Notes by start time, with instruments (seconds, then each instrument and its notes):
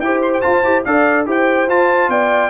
0.00 tuba E4, trombone G4, horn C5, trumpet G5
0.22 trumpet C6
0.34 trumpet G5
0.41 trombone F4, tuba F4, trumpet A5
0.63 tuba E4, trombone G4
0.85 tuba D4, trombone A4, horn D5, trumpet F5
1.26 tuba E4, trombone G4, horn C5, trumpet G5
1.68 tuba F4, trombone F4, trumpet A5
2.09 tuba B3, horn D5, trumpet G5